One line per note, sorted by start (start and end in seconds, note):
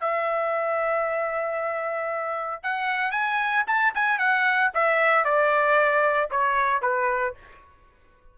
0.00 2.63 E5
2.63 3.11 F#5
3.11 3.64 G#5
3.67 3.93 A5
3.94 4.18 G#5
4.18 4.71 F#5
4.74 5.24 E5
5.24 6.30 D5
6.30 6.82 C#5
6.82 7.34 B4